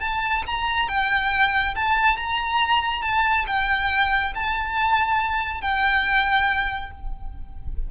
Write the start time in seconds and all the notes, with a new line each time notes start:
0.00 A5
0.47 A#5
0.88 G5
1.75 A5
2.17 A#5
3.02 A5
3.47 G5
4.35 A5
5.61 G5